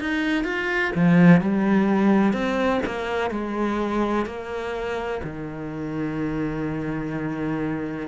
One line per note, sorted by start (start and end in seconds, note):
0.00 0.45 D#4
0.45 0.92 F4
0.95 1.42 F3
1.42 2.33 G3
2.33 2.81 C4
2.86 3.31 A#3
3.31 4.26 G#3
4.26 5.21 A#3
5.23 8.08 D#3